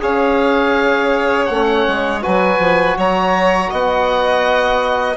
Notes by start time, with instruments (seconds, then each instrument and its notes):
0.00 bassoon C#4, trombone G#4, violin C#5, oboe F5
1.46 bassoon A3, trombone C#4, oboe F#5
1.87 bassoon G#3
2.21 bassoon F#3, trombone F#4, violin B4, oboe G#5
2.59 bassoon F3
2.97 bassoon F#3, violin C#5, oboe A#5
3.70 bassoon B3, violin D#5, oboe F#5